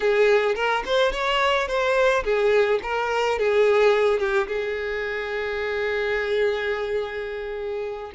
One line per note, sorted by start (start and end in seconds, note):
0.00 0.55 G#4
0.55 0.83 A#4
0.85 1.12 C5
1.12 1.67 C#5
1.67 2.23 C5
2.24 2.80 G#4
2.82 3.38 A#4
3.38 4.19 G#4
4.19 4.47 G4
4.47 8.12 G#4